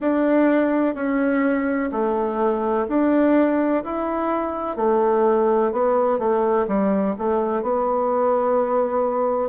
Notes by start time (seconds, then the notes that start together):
0.00 D4
0.94 C#4
1.92 A3
2.88 D4
3.84 E4
4.76 A3
5.71 B3
6.18 A3
6.67 G3
7.18 A3
7.62 B3